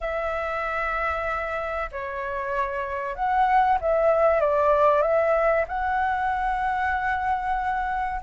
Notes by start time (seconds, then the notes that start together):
0.00 E5
1.91 C#5
3.15 F#5
3.80 E5
4.40 D5
5.02 E5
5.68 F#5